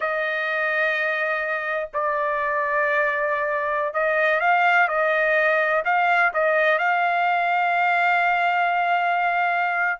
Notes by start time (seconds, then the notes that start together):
0.00 D#5
1.93 D5
3.93 D#5
4.40 F5
4.88 D#5
5.84 F5
6.33 D#5
6.78 F5